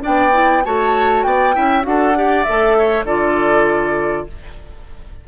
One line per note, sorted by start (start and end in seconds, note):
0.00 0.30 D4
0.00 0.63 D5
0.00 0.65 G5
0.06 0.66 B3
0.32 0.62 E4
0.64 1.25 A3
0.64 1.53 F#4
0.64 1.26 C#5
0.64 1.23 A5
1.23 1.55 B3
1.23 1.55 D5
1.23 1.84 G5
1.53 1.85 C#4
1.53 1.82 E4
1.53 1.85 E5
1.82 2.46 D4
1.82 2.12 F#4
1.82 2.43 F#5
1.88 2.17 A4
2.15 2.45 G4
2.15 2.78 D5
2.43 3.04 A3
2.43 3.06 A4
2.43 3.04 E5
2.78 3.05 C#5
3.04 4.25 D3
3.04 4.27 F4
3.04 4.26 A4
3.04 4.27 D5